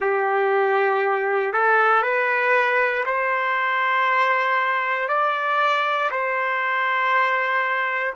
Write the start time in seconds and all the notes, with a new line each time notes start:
0.00 G4
1.53 A4
2.02 B4
3.05 C5
5.08 D5
6.10 C5